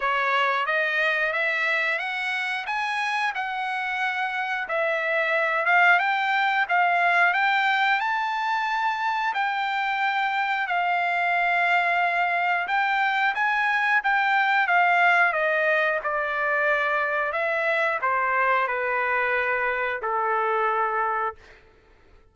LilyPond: \new Staff \with { instrumentName = "trumpet" } { \time 4/4 \tempo 4 = 90 cis''4 dis''4 e''4 fis''4 | gis''4 fis''2 e''4~ | e''8 f''8 g''4 f''4 g''4 | a''2 g''2 |
f''2. g''4 | gis''4 g''4 f''4 dis''4 | d''2 e''4 c''4 | b'2 a'2 | }